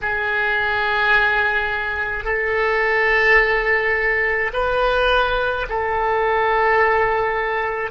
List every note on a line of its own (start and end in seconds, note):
0.01 2.24 G#4
2.24 4.50 A4
4.53 5.66 B4
5.69 7.90 A4